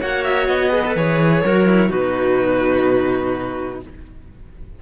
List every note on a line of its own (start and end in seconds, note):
0.00 0.48 A#3
0.00 0.71 F#4
0.00 0.71 C#5
0.00 0.25 F#5
0.25 0.48 E5
0.48 0.96 B3
0.48 0.95 D#5
0.71 0.82 G#4
0.71 1.44 B4
0.86 0.98 A4
0.96 1.43 E3
0.96 1.45 G#4
0.96 1.92 C#5
1.44 1.90 F#3
1.44 1.66 F#4
1.44 1.90 A#4
1.66 1.90 E4
1.90 3.81 B2
1.90 3.80 D#4
1.90 3.80 F#4
1.90 3.82 B4